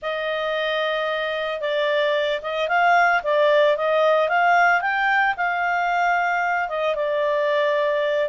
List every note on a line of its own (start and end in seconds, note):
0.02 1.60 D#5
1.60 2.40 D5
2.42 2.68 D#5
2.68 3.21 F5
3.23 3.76 D5
3.76 4.28 D#5
4.28 4.81 F5
4.81 5.34 G5
5.36 6.68 F5
6.68 6.95 D#5
6.95 8.29 D5